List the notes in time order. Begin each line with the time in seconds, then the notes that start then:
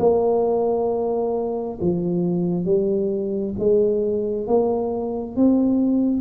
0.00 A#3
1.81 F3
2.65 G3
3.59 G#3
4.47 A#3
5.36 C4